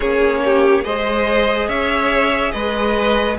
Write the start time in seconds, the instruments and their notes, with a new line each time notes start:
0.00 cello A#3, viola C#4, violin G#4 C#5
0.44 violin G4
0.82 cello G#3, viola G#4, violin C5 D#5
1.68 cello C#4, violin C#5 E5
2.51 cello G#3, violin B4 D#5